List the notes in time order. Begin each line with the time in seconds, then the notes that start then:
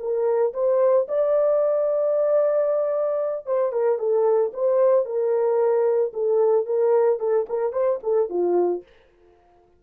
0.00 A#4
0.54 C5
1.09 D5
3.47 C5
3.73 A#4
3.99 A4
4.54 C5
5.06 A#4
6.14 A4
6.66 A#4
7.20 A4
7.50 A#4
7.73 C5
8.04 A4
8.30 F4